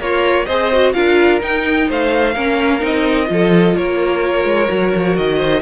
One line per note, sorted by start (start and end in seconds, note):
0.00 0.47 A#3
0.00 0.46 F4
0.00 0.47 A#4
0.00 0.46 C#5
0.46 0.94 C4
0.46 0.73 G#4
0.46 0.93 C5
0.46 0.92 D#5
0.73 0.94 F#4
0.93 1.42 D4
0.93 1.40 F4
0.93 1.88 A#4
0.93 1.40 F5
1.40 2.34 D#4
1.40 1.89 D#4
1.40 1.89 G5
1.88 2.36 A3
1.88 2.34 C5
1.88 2.85 F5
2.34 2.83 A#3
2.34 2.80 C#4
2.34 3.28 A#4
2.80 3.29 C4
2.80 3.25 D#4
2.80 3.76 D#5
3.25 3.76 F3
3.25 4.66 F4
3.32 3.77 A4
3.76 4.45 A#3
3.76 5.37 A#4
3.76 5.16 C#5
4.45 4.68 G#3
4.68 4.94 F#3
4.68 5.62 F#4
4.95 5.18 F3
5.16 5.62 D#3
5.16 5.62 D#5
5.37 5.61 C5